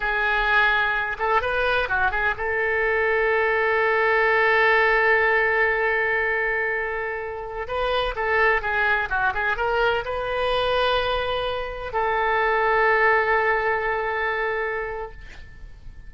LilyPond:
\new Staff \with { instrumentName = "oboe" } { \time 4/4 \tempo 4 = 127 gis'2~ gis'8 a'8 b'4 | fis'8 gis'8 a'2.~ | a'1~ | a'1~ |
a'16 b'4 a'4 gis'4 fis'8 gis'16~ | gis'16 ais'4 b'2~ b'8.~ | b'4~ b'16 a'2~ a'8.~ | a'1 | }